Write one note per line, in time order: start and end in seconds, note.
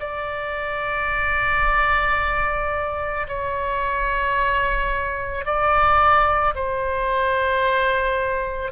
0.00 3.27 D5
3.28 5.45 C#5
5.45 6.54 D5
6.55 8.72 C5